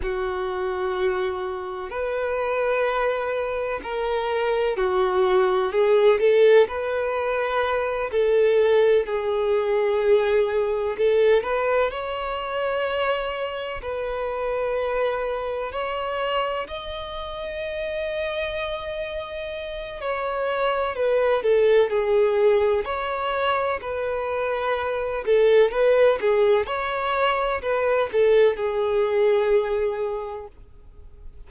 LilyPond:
\new Staff \with { instrumentName = "violin" } { \time 4/4 \tempo 4 = 63 fis'2 b'2 | ais'4 fis'4 gis'8 a'8 b'4~ | b'8 a'4 gis'2 a'8 | b'8 cis''2 b'4.~ |
b'8 cis''4 dis''2~ dis''8~ | dis''4 cis''4 b'8 a'8 gis'4 | cis''4 b'4. a'8 b'8 gis'8 | cis''4 b'8 a'8 gis'2 | }